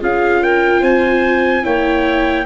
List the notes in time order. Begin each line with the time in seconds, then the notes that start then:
0.00 C#4 F4 G#4 F5
0.41 A#4 G5
0.80 C4 C5 G#5
1.63 A#3 E4 C#5 G5